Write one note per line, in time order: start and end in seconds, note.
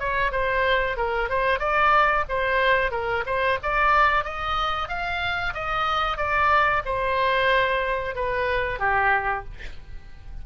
0.00 0.32 C#5
0.32 0.97 C5
0.97 1.30 A#4
1.30 1.60 C5
1.60 2.25 D5
2.29 2.92 C5
2.92 3.24 A#4
3.26 3.59 C5
3.63 4.25 D5
4.25 4.89 D#5
4.89 5.54 F5
5.54 6.17 D#5
6.17 6.83 D5
6.85 8.16 C5
8.16 8.80 B4
8.80 9.45 G4